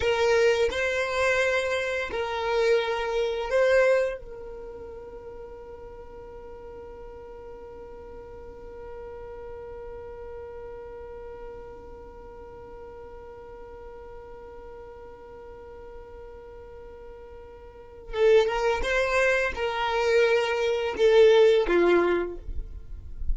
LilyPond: \new Staff \with { instrumentName = "violin" } { \time 4/4 \tempo 4 = 86 ais'4 c''2 ais'4~ | ais'4 c''4 ais'2~ | ais'1~ | ais'1~ |
ais'1~ | ais'1~ | ais'2 a'8 ais'8 c''4 | ais'2 a'4 f'4 | }